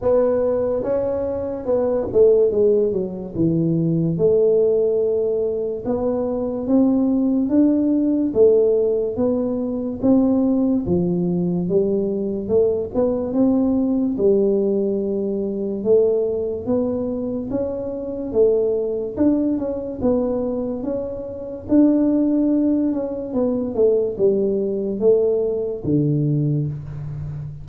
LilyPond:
\new Staff \with { instrumentName = "tuba" } { \time 4/4 \tempo 4 = 72 b4 cis'4 b8 a8 gis8 fis8 | e4 a2 b4 | c'4 d'4 a4 b4 | c'4 f4 g4 a8 b8 |
c'4 g2 a4 | b4 cis'4 a4 d'8 cis'8 | b4 cis'4 d'4. cis'8 | b8 a8 g4 a4 d4 | }